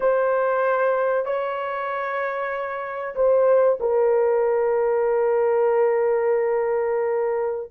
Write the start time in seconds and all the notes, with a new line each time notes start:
0.00 C5
1.25 C#5
3.15 C5
3.80 A#4